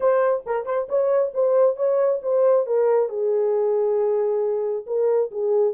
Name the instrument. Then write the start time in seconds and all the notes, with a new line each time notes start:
horn
0.00 C5
0.46 A#4
0.65 C5
0.88 C#5
1.34 C5
1.76 C#5
2.22 C5
2.66 A#4
3.09 G#4
4.86 A#4
5.31 G#4